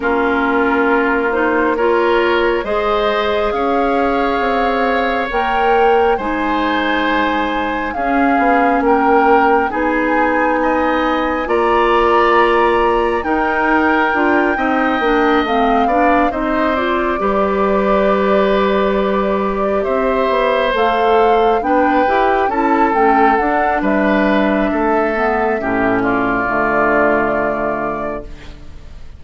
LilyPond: <<
  \new Staff \with { instrumentName = "flute" } { \time 4/4 \tempo 4 = 68 ais'4. c''8 cis''4 dis''4 | f''2 g''4 gis''4~ | gis''4 f''4 g''4 gis''4~ | gis''4 ais''2 g''4~ |
g''4. f''4 dis''8 d''4~ | d''2~ d''8 e''4 f''8~ | f''8 g''4 a''8 g''8 fis''8 e''4~ | e''4. d''2~ d''8 | }
  \new Staff \with { instrumentName = "oboe" } { \time 4/4 f'2 ais'4 c''4 | cis''2. c''4~ | c''4 gis'4 ais'4 gis'4 | dis''4 d''2 ais'4~ |
ais'8 dis''4. d''8 c''4 b'8~ | b'2~ b'8 c''4.~ | c''8 b'4 a'4. b'4 | a'4 g'8 f'2~ f'8 | }
  \new Staff \with { instrumentName = "clarinet" } { \time 4/4 cis'4. dis'8 f'4 gis'4~ | gis'2 ais'4 dis'4~ | dis'4 cis'2 dis'4~ | dis'4 f'2 dis'4 |
f'8 dis'8 d'8 c'8 d'8 dis'8 f'8 g'8~ | g'2.~ g'8 a'8~ | a'8 d'8 g'8 e'8 cis'8 d'4.~ | d'8 b8 cis'4 a2 | }
  \new Staff \with { instrumentName = "bassoon" } { \time 4/4 ais2. gis4 | cis'4 c'4 ais4 gis4~ | gis4 cis'8 b8 ais4 b4~ | b4 ais2 dis'4 |
d'8 c'8 ais8 a8 b8 c'4 g8~ | g2~ g8 c'8 b8 a8~ | a8 b8 e'8 cis'8 a8 d'8 g4 | a4 a,4 d2 | }
>>